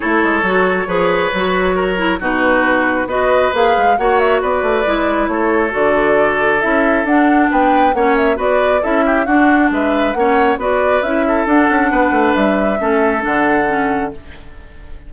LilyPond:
<<
  \new Staff \with { instrumentName = "flute" } { \time 4/4 \tempo 4 = 136 cis''1~ | cis''4 b'2 dis''4 | f''4 fis''8 e''8 d''2 | cis''4 d''2 e''4 |
fis''4 g''4 fis''8 e''8 d''4 | e''4 fis''4 e''4 fis''4 | d''4 e''4 fis''2 | e''2 fis''2 | }
  \new Staff \with { instrumentName = "oboe" } { \time 4/4 a'2 b'2 | ais'4 fis'2 b'4~ | b'4 cis''4 b'2 | a'1~ |
a'4 b'4 cis''4 b'4 | a'8 g'8 fis'4 b'4 cis''4 | b'4. a'4. b'4~ | b'4 a'2. | }
  \new Staff \with { instrumentName = "clarinet" } { \time 4/4 e'4 fis'4 gis'4 fis'4~ | fis'8 e'8 dis'2 fis'4 | gis'4 fis'2 e'4~ | e'4 fis'2 e'4 |
d'2 cis'4 fis'4 | e'4 d'2 cis'4 | fis'4 e'4 d'2~ | d'4 cis'4 d'4 cis'4 | }
  \new Staff \with { instrumentName = "bassoon" } { \time 4/4 a8 gis8 fis4 f4 fis4~ | fis4 b,2 b4 | ais8 gis8 ais4 b8 a8 gis4 | a4 d2 cis'4 |
d'4 b4 ais4 b4 | cis'4 d'4 gis4 ais4 | b4 cis'4 d'8 cis'8 b8 a8 | g4 a4 d2 | }
>>